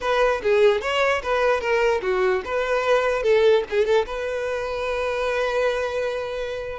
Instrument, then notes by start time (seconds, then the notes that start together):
violin
0.01 B4
0.42 G#4
0.81 C#5
1.22 B4
1.60 A#4
2.01 F#4
2.45 B4
3.22 A4
3.69 G#4
3.85 A4
4.06 B4